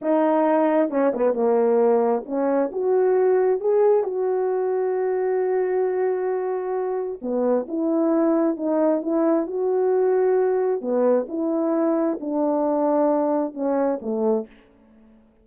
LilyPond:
\new Staff \with { instrumentName = "horn" } { \time 4/4 \tempo 4 = 133 dis'2 cis'8 b8 ais4~ | ais4 cis'4 fis'2 | gis'4 fis'2.~ | fis'1 |
b4 e'2 dis'4 | e'4 fis'2. | b4 e'2 d'4~ | d'2 cis'4 a4 | }